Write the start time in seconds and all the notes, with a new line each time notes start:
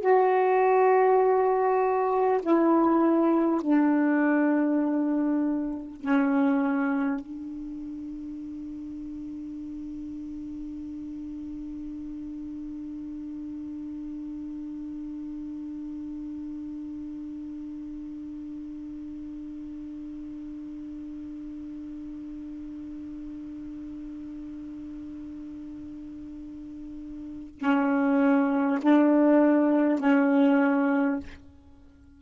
0.00 F#4
2.42 E4
3.61 D4
6.00 C#4
7.20 D4
27.58 C#4
28.82 D4
29.99 C#4